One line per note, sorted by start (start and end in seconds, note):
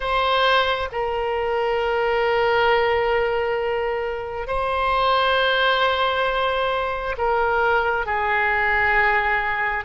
0.00 0.88 C5
0.92 4.47 A#4
4.47 7.15 C5
7.17 8.06 A#4
8.06 9.84 G#4